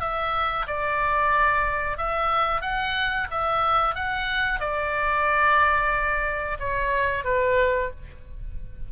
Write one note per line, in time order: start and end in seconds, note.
0.00 0.66 E5
0.67 1.97 D5
1.97 2.61 E5
2.61 3.27 F#5
3.30 3.94 E5
3.94 4.59 F#5
4.59 6.57 D5
6.59 7.24 C#5
7.24 7.90 B4